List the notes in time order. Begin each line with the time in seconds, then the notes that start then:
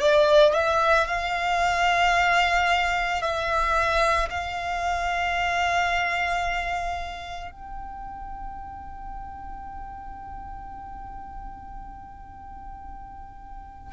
0.00 D5
0.54 E5
1.08 F5
3.22 E5
4.30 F5
7.51 G5